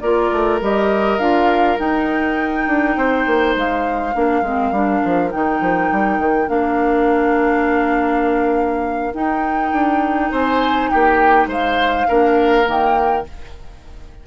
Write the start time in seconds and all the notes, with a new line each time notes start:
0.00 A#3 F4 A#4 D5
0.32 A3
0.61 G3 G4 D#5
1.18 D4 F4 F5
1.78 D#4 G5
2.67 D4
2.96 C4 C5
3.26 A#3
3.55 G#3 F5
4.14 A#3 D4 A#4
4.42 G#3 C4
4.71 G3 D4
5.04 F3
5.31 D#3 D#4 G5
5.60 F3
5.92 G3
6.18 D#3
6.47 A#3 D4 F5
9.13 D#4 G5
9.72 D4
10.31 C4 C5 G#5
10.89 A#3 G4 G5
11.46 G#3 C5 F5
12.08 A#3 D4 A#4
12.65 D#3 A#3 G5